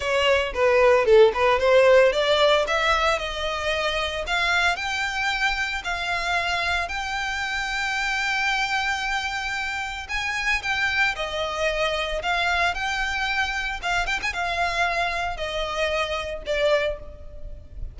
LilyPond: \new Staff \with { instrumentName = "violin" } { \time 4/4 \tempo 4 = 113 cis''4 b'4 a'8 b'8 c''4 | d''4 e''4 dis''2 | f''4 g''2 f''4~ | f''4 g''2.~ |
g''2. gis''4 | g''4 dis''2 f''4 | g''2 f''8 g''16 gis''16 f''4~ | f''4 dis''2 d''4 | }